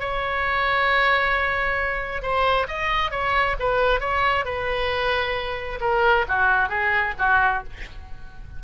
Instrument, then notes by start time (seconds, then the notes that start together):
oboe
0.00 C#5
2.22 C5
2.68 D#5
3.11 C#5
3.60 B4
4.00 C#5
4.45 B4
5.81 A#4
6.28 F#4
6.69 G#4
7.19 F#4